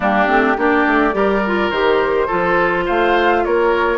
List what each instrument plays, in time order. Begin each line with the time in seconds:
0.00 bassoon G3, clarinet A#3, oboe D4, flute G4
0.27 bassoon A3, clarinet C4
0.57 bassoon A#3, clarinet D4, oboe G4, flute D5
0.87 bassoon A3
1.12 bassoon G3, clarinet G4, oboe A#4
1.46 clarinet F4
1.70 bassoon D#3, clarinet G4, flute C5
2.27 bassoon F3, clarinet F4, oboe A4
2.85 bassoon A3, oboe C5, flute F5
3.44 bassoon A#3, oboe A#4, flute C#5